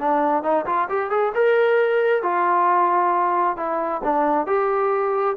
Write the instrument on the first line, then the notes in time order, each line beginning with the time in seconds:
trombone
0.00 D4
0.44 D#4
0.66 F4
0.89 G4
1.11 G#4
1.35 A#4
2.23 F4
3.57 E4
4.04 D4
4.47 G4